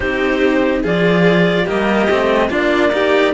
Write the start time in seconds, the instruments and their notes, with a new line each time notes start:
0.00 cello C4 D#4, violin G4, clarinet C5
0.82 cello F3 F4, violin G#4, clarinet D5
1.64 cello A#3, violin G4, clarinet D#5
1.70 cello G3
2.08 cello A3 C4
2.49 cello A#3 D4, violin F4, clarinet D5
2.92 cello D#4, violin G4